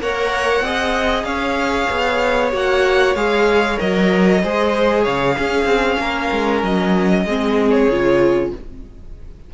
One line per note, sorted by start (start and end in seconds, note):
0.00 0.61 A#3
0.00 0.64 A#4
0.00 0.65 C#5
0.00 1.24 F#5
0.61 1.24 C4
0.61 2.52 G#4
0.61 1.26 D#5
1.24 1.87 C#4
1.24 4.42 C#5
1.24 2.51 F5
1.91 2.53 B3
2.52 3.15 A#3
2.52 3.15 F#4
2.52 3.16 F#5
3.15 3.78 G#3
3.15 3.77 G#4
3.15 3.79 F5
3.77 4.43 F#3
3.77 4.41 A#4
3.77 5.04 D#5
4.42 5.07 G#3
4.42 5.38 G#4
4.42 5.04 C5
5.04 5.38 C#3
5.04 5.35 C#5
5.04 6.62 F5
5.37 7.27 C#4
5.37 5.65 C#4
5.37 6.00 G#4
5.65 5.97 C4
5.99 6.31 A#3
5.99 7.24 A#4
6.31 6.63 G#3
6.63 7.25 F#3
6.63 7.71 D#5
7.24 7.88 G#3
7.24 7.91 C4
7.24 8.51 G#4
7.71 8.50 C#5
7.89 8.52 C#3
7.89 8.54 F4